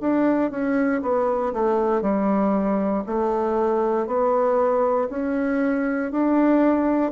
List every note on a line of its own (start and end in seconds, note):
0.00 0.50 D4
0.50 1.01 C#4
1.02 1.53 B3
1.53 2.02 A3
2.02 3.03 G3
3.06 4.06 A3
4.06 5.08 B3
5.09 6.11 C#4
6.11 7.11 D4